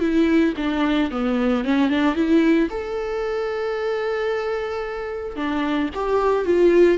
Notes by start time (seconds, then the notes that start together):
0.00 E4
0.57 D4
1.11 B3
1.65 C#4
1.89 D4
2.15 E4
2.70 A4
5.36 D4
5.94 G4
6.45 F4